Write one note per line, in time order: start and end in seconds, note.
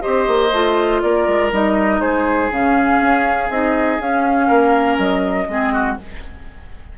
0.00 0.27 C4
0.00 0.50 G4
0.00 1.01 C5
0.00 1.00 D#5
0.27 0.51 A#3
0.51 1.01 A3
0.51 1.51 F4
1.01 1.27 A#3
1.01 2.01 A#4
1.01 1.51 D5
1.27 1.51 G#3
1.51 2.00 G3
1.51 2.50 D#4
1.51 2.00 D#5
2.00 2.49 G#3
2.00 4.47 G#4
2.00 2.50 C5
2.50 2.99 C#3
2.50 3.49 C#4
2.50 3.51 F5
2.99 3.49 C#4
3.49 3.98 C4
3.49 3.99 D#4
3.49 4.00 D#5
3.99 4.49 C#4
3.99 5.48 C#4
3.99 4.98 F5
4.47 4.98 A#3
4.47 5.46 A#4
4.98 5.47 F#3
4.98 5.97 D#5
5.48 5.97 G#3
5.48 5.98 C4
5.48 5.73 G#4
5.73 5.97 F#4